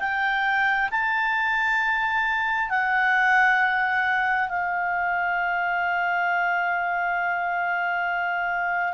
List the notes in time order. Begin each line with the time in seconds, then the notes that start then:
0.00 G5
0.91 A5
2.70 F#5
4.49 F5